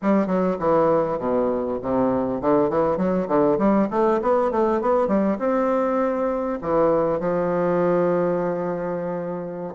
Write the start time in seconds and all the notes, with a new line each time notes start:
0.01 G3
0.26 F#3
0.59 E3
1.18 B2
1.82 C3
2.41 D3
2.69 E3
2.97 F#3
3.28 D3
3.58 G3
3.90 A3
4.21 B3
4.51 A3
4.81 B3
5.07 G3
5.38 C4
6.61 E3
7.19 F3